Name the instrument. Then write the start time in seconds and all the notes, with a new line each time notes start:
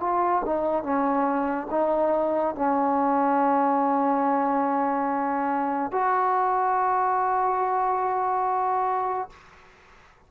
trombone
0.00 F4
0.45 D#4
0.83 C#4
1.71 D#4
2.55 C#4
5.92 F#4